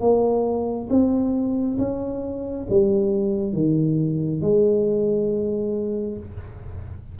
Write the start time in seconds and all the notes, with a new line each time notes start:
0.00 A#3
0.89 C4
1.78 C#4
2.69 G3
3.53 D#3
4.41 G#3